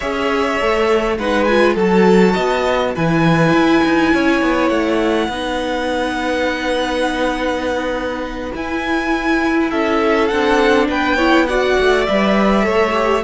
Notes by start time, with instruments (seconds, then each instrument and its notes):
0.00 cello C#4, viola G#4, violin C#5 E5
0.60 cello A3, viola A4
1.18 cello G#3, viola D#4, violin B4 F#5
1.44 viola F4, violin G#5
1.75 cello F#3, viola F#4, violin A4 A5
2.33 cello B3, violin D#5
2.95 cello E3, viola E4, violin B4 G#5
3.53 cello E4
3.84 cello D#4
4.13 cello C#4, violin C#5
4.41 cello B3
4.69 cello A3, violin F#5
5.28 cello B3, viola D#4, violin B4
8.54 viola E4, cello E4, violin G#5
9.70 cello C#4, violin A4 E5
10.27 cello C4, viola D4, violin F#5
10.88 cello B3, violin B4 G5
11.16 viola E4, violin C#5
11.46 viola F#4, violin D5 F#5
11.79 cello A3
12.06 cello G3, viola B4, violin E5
12.62 cello A3, viola A4, violin C#5
12.93 viola G4